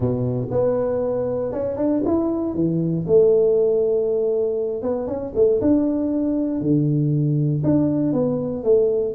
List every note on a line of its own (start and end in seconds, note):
0.00 0.48 B2
0.50 1.52 B3
1.52 1.77 C#4
1.77 2.02 D4
2.05 2.54 E4
2.54 3.05 E3
3.06 4.82 A3
4.82 5.07 B3
5.07 5.32 C#4
5.35 5.60 A3
5.61 6.60 D4
6.60 7.62 D3
7.63 8.12 D4
8.12 8.63 B3
8.63 9.14 A3